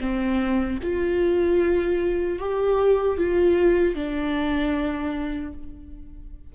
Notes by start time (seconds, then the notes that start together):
0.00 C4
0.83 F4
2.39 G4
3.18 F4
3.95 D4